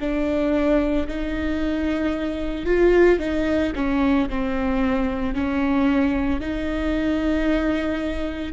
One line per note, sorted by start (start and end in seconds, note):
0.00 1.07 D4
1.08 2.65 D#4
2.65 3.19 F4
3.19 3.73 D#4
3.75 4.29 C#4
4.29 5.34 C4
5.34 6.40 C#4
6.40 8.53 D#4